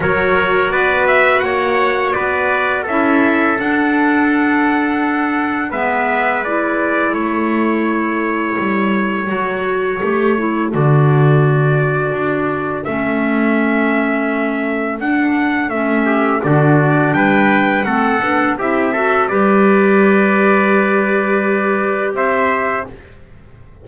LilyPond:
<<
  \new Staff \with { instrumentName = "trumpet" } { \time 4/4 \tempo 4 = 84 cis''4 d''8 e''8 fis''4 d''4 | e''4 fis''2. | e''4 d''4 cis''2~ | cis''2. d''4~ |
d''2 e''2~ | e''4 fis''4 e''4 d''4 | g''4 fis''4 e''4 d''4~ | d''2. e''4 | }
  \new Staff \with { instrumentName = "trumpet" } { \time 4/4 ais'4 b'4 cis''4 b'4 | a'1 | b'2 a'2~ | a'1~ |
a'1~ | a'2~ a'8 g'8 fis'4 | b'4 a'4 g'8 a'8 b'4~ | b'2. c''4 | }
  \new Staff \with { instrumentName = "clarinet" } { \time 4/4 fis'1 | e'4 d'2. | b4 e'2.~ | e'4 fis'4 g'8 e'8 fis'4~ |
fis'2 cis'2~ | cis'4 d'4 cis'4 d'4~ | d'4 c'8 d'8 e'8 fis'8 g'4~ | g'1 | }
  \new Staff \with { instrumentName = "double bass" } { \time 4/4 fis4 b4 ais4 b4 | cis'4 d'2. | gis2 a2 | g4 fis4 a4 d4~ |
d4 d'4 a2~ | a4 d'4 a4 d4 | g4 a8 b8 c'4 g4~ | g2. c'4 | }
>>